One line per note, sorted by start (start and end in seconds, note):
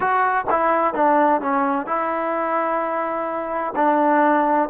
0.00 0.44 F#4
0.49 0.94 E4
0.94 1.41 D4
1.41 1.86 C#4
1.86 3.73 E4
3.75 4.69 D4